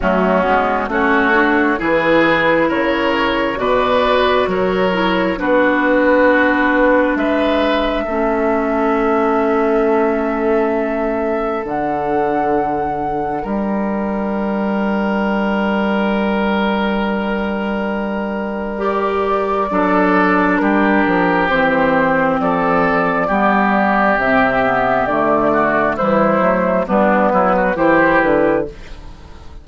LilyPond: <<
  \new Staff \with { instrumentName = "flute" } { \time 4/4 \tempo 4 = 67 fis'4 cis''4 b'4 cis''4 | d''4 cis''4 b'2 | e''1~ | e''4 fis''2 g''4~ |
g''1~ | g''4 d''2 ais'4 | c''4 d''2 e''4 | d''4 c''4 b'4 c''8 b'8 | }
  \new Staff \with { instrumentName = "oboe" } { \time 4/4 cis'4 fis'4 gis'4 ais'4 | b'4 ais'4 fis'2 | b'4 a'2.~ | a'2. ais'4~ |
ais'1~ | ais'2 a'4 g'4~ | g'4 a'4 g'2~ | g'8 fis'8 e'4 d'8 e'16 fis'16 g'4 | }
  \new Staff \with { instrumentName = "clarinet" } { \time 4/4 a8 b8 cis'8 d'8 e'2 | fis'4. e'8 d'2~ | d'4 cis'2.~ | cis'4 d'2.~ |
d'1~ | d'4 g'4 d'2 | c'2 b4 c'8 b8 | a4 g8 a8 b4 e'4 | }
  \new Staff \with { instrumentName = "bassoon" } { \time 4/4 fis8 gis8 a4 e4 cis4 | b,4 fis4 b2 | gis4 a2.~ | a4 d2 g4~ |
g1~ | g2 fis4 g8 f8 | e4 f4 g4 c4 | d4 e8 fis8 g8 fis8 e8 d8 | }
>>